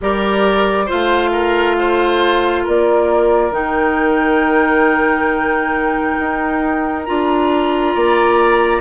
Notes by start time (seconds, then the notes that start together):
0.01 G3 G4 A#4 D5
0.86 F4 C5 F5
0.92 A3
1.32 A#4
1.78 C5
2.63 A#3 A#4 D5
3.50 D#3 D#4 G5
6.19 D#4
7.04 D4 F4 A#5
7.94 A#3 D5